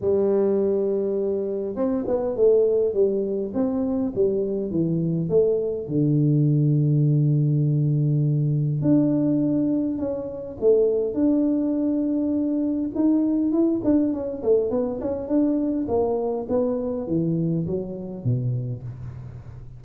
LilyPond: \new Staff \with { instrumentName = "tuba" } { \time 4/4 \tempo 4 = 102 g2. c'8 b8 | a4 g4 c'4 g4 | e4 a4 d2~ | d2. d'4~ |
d'4 cis'4 a4 d'4~ | d'2 dis'4 e'8 d'8 | cis'8 a8 b8 cis'8 d'4 ais4 | b4 e4 fis4 b,4 | }